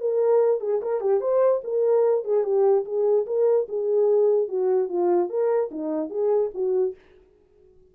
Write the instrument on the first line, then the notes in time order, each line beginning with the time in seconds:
horn
0.00 A#4
0.60 G#4
0.81 A#4
1.00 G4
1.20 C5
1.64 A#4
2.24 G#4
2.43 G4
2.85 G#4
3.26 A#4
3.68 G#4
4.48 F#4
4.88 F4
5.29 A#4
5.71 D#4
6.09 G#4
6.54 F#4